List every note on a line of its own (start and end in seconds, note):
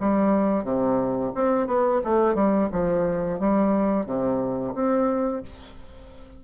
0.00 0.64 G3
0.64 1.32 C3
1.35 1.67 C4
1.67 2.01 B3
2.04 2.35 A3
2.35 2.69 G3
2.72 3.40 F3
3.40 4.06 G3
4.06 4.74 C3
4.74 5.43 C4